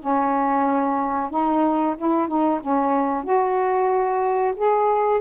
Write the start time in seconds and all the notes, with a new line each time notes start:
0.00 C#4
1.30 D#4
1.97 E4
2.28 D#4
2.61 C#4
3.23 F#4
4.56 G#4